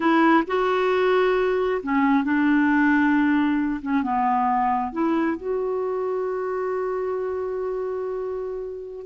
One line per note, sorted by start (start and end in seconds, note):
0.00 0.43 E4
0.47 1.81 F#4
1.82 2.24 C#4
2.24 3.81 D4
3.82 4.02 C#4
4.02 4.92 B3
4.92 5.37 E4
5.37 9.06 F#4